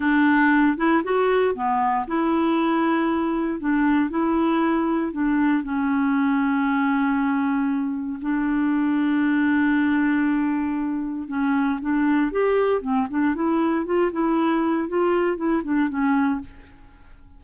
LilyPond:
\new Staff \with { instrumentName = "clarinet" } { \time 4/4 \tempo 4 = 117 d'4. e'8 fis'4 b4 | e'2. d'4 | e'2 d'4 cis'4~ | cis'1 |
d'1~ | d'2 cis'4 d'4 | g'4 c'8 d'8 e'4 f'8 e'8~ | e'4 f'4 e'8 d'8 cis'4 | }